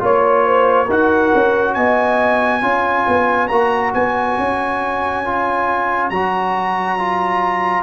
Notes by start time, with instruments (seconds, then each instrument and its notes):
0.00 tuba A#3, trombone F4, horn C#5, trumpet C#5
0.46 horn C5
0.86 tuba D#4, trombone F#4, horn A#4
0.92 trumpet F#5
1.35 tuba C#4
1.75 tuba B3, horn D#5, trumpet G#5
2.62 tuba C#4, trombone F4, horn C#5
3.08 tuba B3
3.48 tuba A#3, trombone F#4, trumpet A#5
3.94 tuba B3, trumpet G#5
4.39 tuba C#4
5.26 trombone F4
6.10 tuba F#3, trombone F#4, trumpet A#5
6.99 trombone F4